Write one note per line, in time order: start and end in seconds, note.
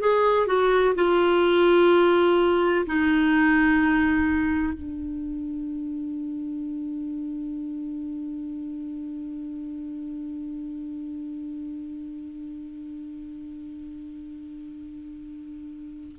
0.00 0.47 G#4
0.47 0.94 F#4
0.95 2.85 F4
2.86 4.73 D#4
4.73 16.16 D4